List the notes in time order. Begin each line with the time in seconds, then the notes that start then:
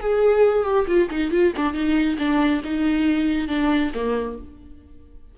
0.00 G#4
0.64 G4
0.87 F4
1.10 D#4
1.31 F4
1.56 D4
1.73 D#4
2.18 D4
2.64 D#4
3.48 D4
3.94 A#3